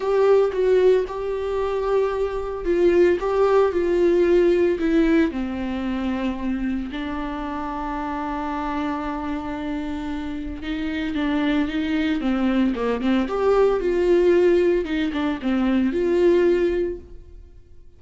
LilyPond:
\new Staff \with { instrumentName = "viola" } { \time 4/4 \tempo 4 = 113 g'4 fis'4 g'2~ | g'4 f'4 g'4 f'4~ | f'4 e'4 c'2~ | c'4 d'2.~ |
d'1 | dis'4 d'4 dis'4 c'4 | ais8 c'8 g'4 f'2 | dis'8 d'8 c'4 f'2 | }